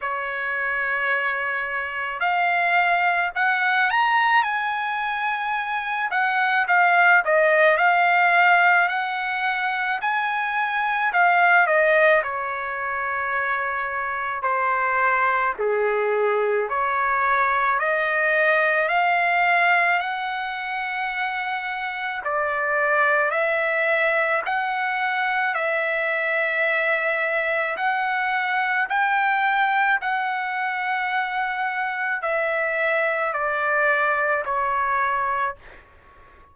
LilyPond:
\new Staff \with { instrumentName = "trumpet" } { \time 4/4 \tempo 4 = 54 cis''2 f''4 fis''8 ais''8 | gis''4. fis''8 f''8 dis''8 f''4 | fis''4 gis''4 f''8 dis''8 cis''4~ | cis''4 c''4 gis'4 cis''4 |
dis''4 f''4 fis''2 | d''4 e''4 fis''4 e''4~ | e''4 fis''4 g''4 fis''4~ | fis''4 e''4 d''4 cis''4 | }